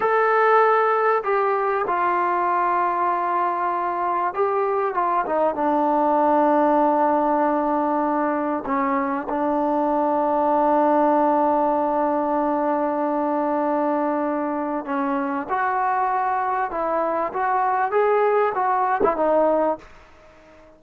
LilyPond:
\new Staff \with { instrumentName = "trombone" } { \time 4/4 \tempo 4 = 97 a'2 g'4 f'4~ | f'2. g'4 | f'8 dis'8 d'2.~ | d'2 cis'4 d'4~ |
d'1~ | d'1 | cis'4 fis'2 e'4 | fis'4 gis'4 fis'8. e'16 dis'4 | }